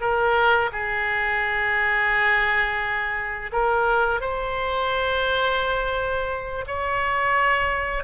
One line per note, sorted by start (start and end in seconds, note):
0.00 0.70 A#4
0.72 3.51 G#4
3.52 4.20 A#4
4.20 6.64 C5
6.66 8.04 C#5